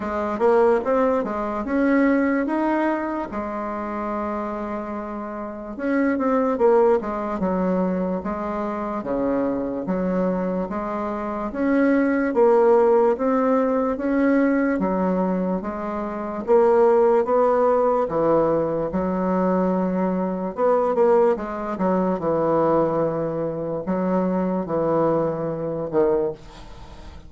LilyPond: \new Staff \with { instrumentName = "bassoon" } { \time 4/4 \tempo 4 = 73 gis8 ais8 c'8 gis8 cis'4 dis'4 | gis2. cis'8 c'8 | ais8 gis8 fis4 gis4 cis4 | fis4 gis4 cis'4 ais4 |
c'4 cis'4 fis4 gis4 | ais4 b4 e4 fis4~ | fis4 b8 ais8 gis8 fis8 e4~ | e4 fis4 e4. dis8 | }